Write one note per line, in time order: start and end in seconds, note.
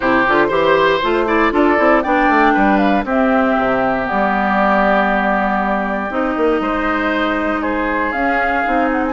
0.00 0.26 C3
0.00 0.26 E4
0.00 0.47 G4
0.00 1.52 C5
0.27 0.50 D3
0.27 0.49 F4
0.48 1.00 E3
0.48 1.00 G4
0.48 1.24 C5
1.02 1.52 A3
1.02 1.26 F4
1.26 1.51 E4
1.26 1.52 D5
1.51 1.77 D4
1.51 1.76 F4
1.51 2.03 A4
1.51 2.01 D5
1.77 2.04 C4
1.77 2.02 E4
2.01 2.28 B3
2.01 3.06 D4
2.01 2.53 D5
2.01 2.77 G5
2.28 2.54 A3
2.53 3.04 G3
2.53 3.04 B4
2.77 3.03 F5
3.04 3.54 C4
3.04 4.04 C4
3.04 6.61 G4
3.04 4.08 E5
3.58 4.09 C3
4.04 6.08 B3
4.04 6.11 D5
4.11 6.10 G3
6.10 6.35 C4
6.10 8.14 D#4
6.10 7.62 D#5
6.37 6.60 A#3
6.60 8.12 G#3
6.60 7.61 C5
7.61 9.13 G#4
7.61 8.12 C5
8.12 8.63 C#4
8.12 8.64 C#4
8.12 8.88 F5
8.64 9.13 C4
8.64 9.13 D#4
8.91 9.04 F#5
9.06 9.13 G#5